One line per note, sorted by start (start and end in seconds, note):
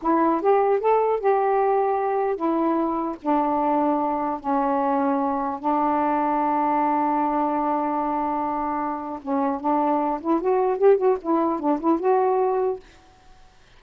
0.01 0.41 E4
0.41 0.79 G4
0.79 1.19 A4
1.20 2.36 G4
2.36 3.16 E4
3.22 4.40 D4
4.40 5.59 C#4
5.59 9.19 D4
9.22 9.60 C#4
9.60 10.20 D4
10.20 10.40 E4
10.40 10.78 F#4
10.78 10.97 G4
10.97 11.17 F#4
11.21 11.59 E4
11.59 11.79 D4
11.79 11.99 E4
11.99 12.79 F#4